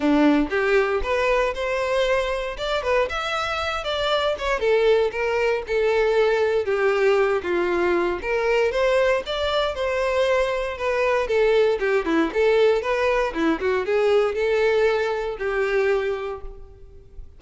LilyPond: \new Staff \with { instrumentName = "violin" } { \time 4/4 \tempo 4 = 117 d'4 g'4 b'4 c''4~ | c''4 d''8 b'8 e''4. d''8~ | d''8 cis''8 a'4 ais'4 a'4~ | a'4 g'4. f'4. |
ais'4 c''4 d''4 c''4~ | c''4 b'4 a'4 g'8 e'8 | a'4 b'4 e'8 fis'8 gis'4 | a'2 g'2 | }